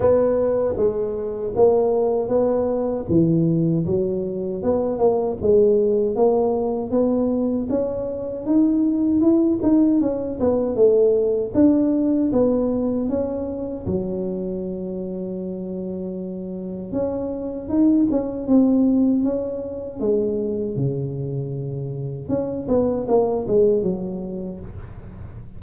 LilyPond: \new Staff \with { instrumentName = "tuba" } { \time 4/4 \tempo 4 = 78 b4 gis4 ais4 b4 | e4 fis4 b8 ais8 gis4 | ais4 b4 cis'4 dis'4 | e'8 dis'8 cis'8 b8 a4 d'4 |
b4 cis'4 fis2~ | fis2 cis'4 dis'8 cis'8 | c'4 cis'4 gis4 cis4~ | cis4 cis'8 b8 ais8 gis8 fis4 | }